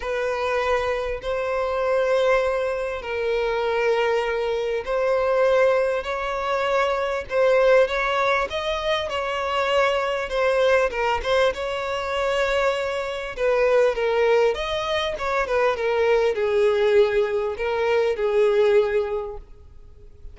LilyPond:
\new Staff \with { instrumentName = "violin" } { \time 4/4 \tempo 4 = 99 b'2 c''2~ | c''4 ais'2. | c''2 cis''2 | c''4 cis''4 dis''4 cis''4~ |
cis''4 c''4 ais'8 c''8 cis''4~ | cis''2 b'4 ais'4 | dis''4 cis''8 b'8 ais'4 gis'4~ | gis'4 ais'4 gis'2 | }